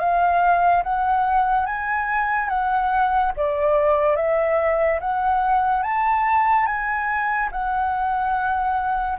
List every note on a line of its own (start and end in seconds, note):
0.00 0.83 F5
0.84 1.67 F#5
1.67 2.49 G#5
2.49 3.33 F#5
3.37 4.17 D5
4.17 5.00 E5
5.01 5.83 F#5
5.83 6.66 A5
6.66 7.50 G#5
7.52 9.19 F#5